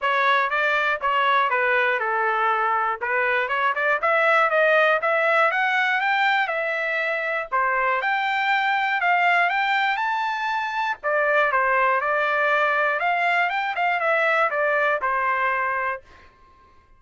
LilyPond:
\new Staff \with { instrumentName = "trumpet" } { \time 4/4 \tempo 4 = 120 cis''4 d''4 cis''4 b'4 | a'2 b'4 cis''8 d''8 | e''4 dis''4 e''4 fis''4 | g''4 e''2 c''4 |
g''2 f''4 g''4 | a''2 d''4 c''4 | d''2 f''4 g''8 f''8 | e''4 d''4 c''2 | }